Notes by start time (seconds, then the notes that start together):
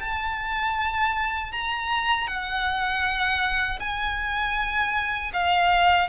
0.00 A5
1.52 A#5
2.28 F#5
3.80 G#5
5.33 F5